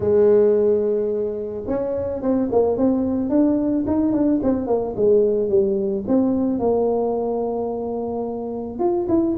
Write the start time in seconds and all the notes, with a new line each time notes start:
0.00 G#3
1.67 C#4
2.21 C4
2.51 A#3
2.77 C4
3.29 D4
3.87 D#4
4.12 D4
4.42 C4
4.66 A#3
4.96 G#3
5.49 G3
6.07 C4
6.59 A#3
8.79 F4
9.08 E4